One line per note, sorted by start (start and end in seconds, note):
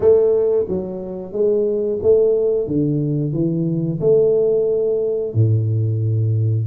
0.00 0.66 A3
0.68 1.32 F#3
1.32 1.99 G#3
2.02 2.67 A3
2.67 3.32 D3
3.32 3.99 E3
4.00 5.33 A3
5.34 6.66 A2